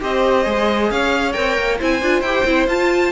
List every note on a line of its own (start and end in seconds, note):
0.00 0.46 C4
0.00 0.44 G4
0.00 0.91 C5
0.00 0.91 D#5
0.44 0.90 G#3
0.44 1.33 G#4
0.90 1.35 C#4
0.90 1.78 C#5
0.90 1.32 F5
1.32 1.58 C4
1.32 1.78 A#4
1.32 1.77 G5
1.58 1.80 A#3
1.78 2.02 C4
1.78 2.01 E4
1.78 3.12 C5
1.78 2.21 G#5
2.02 2.20 D4
2.02 2.25 F4
2.20 2.43 E4
2.20 2.46 G4
2.20 2.66 G5
2.45 2.66 C4
2.45 2.68 E4
2.66 3.11 F4
2.66 3.12 F4
2.66 3.12 A5